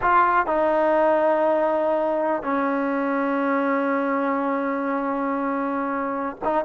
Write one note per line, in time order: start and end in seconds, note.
0.01 0.46 F4
0.46 2.43 D#4
2.43 6.36 C#4
6.44 6.64 D#4